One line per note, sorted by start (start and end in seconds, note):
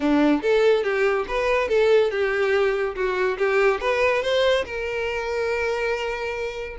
0.00 0.41 D4
0.42 0.83 A4
0.83 1.25 G4
1.28 1.68 B4
1.68 2.10 A4
2.10 2.95 G4
2.95 3.37 F#4
3.38 3.80 G4
3.80 4.22 B4
4.22 4.64 C5
4.65 6.76 A#4